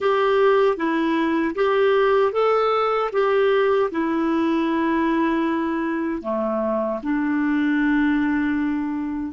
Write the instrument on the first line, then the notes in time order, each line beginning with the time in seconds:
clarinet
0.00 G4
0.77 E4
1.55 G4
2.32 A4
3.12 G4
3.91 E4
6.22 A3
7.02 D4